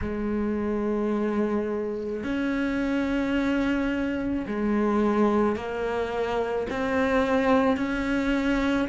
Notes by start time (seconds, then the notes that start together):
0.01 G#3
2.23 C#4
4.46 G#3
5.56 A#3
6.69 C4
7.76 C#4